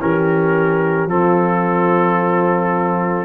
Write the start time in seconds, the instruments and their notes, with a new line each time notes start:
0.00 tuba E3, trombone C#4, horn G4, trumpet A#4
1.07 tuba F3, trombone C4, horn F4, trumpet A4